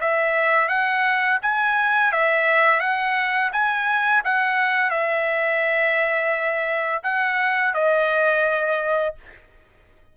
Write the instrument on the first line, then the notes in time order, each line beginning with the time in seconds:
trumpet
0.00 E5
0.68 F#5
1.42 G#5
2.12 E5
2.80 F#5
3.52 G#5
4.24 F#5
4.90 E5
7.03 F#5
7.74 D#5